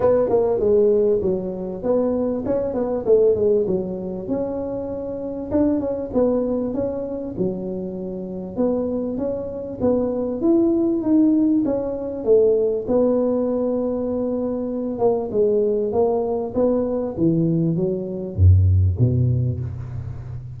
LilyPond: \new Staff \with { instrumentName = "tuba" } { \time 4/4 \tempo 4 = 98 b8 ais8 gis4 fis4 b4 | cis'8 b8 a8 gis8 fis4 cis'4~ | cis'4 d'8 cis'8 b4 cis'4 | fis2 b4 cis'4 |
b4 e'4 dis'4 cis'4 | a4 b2.~ | b8 ais8 gis4 ais4 b4 | e4 fis4 fis,4 b,4 | }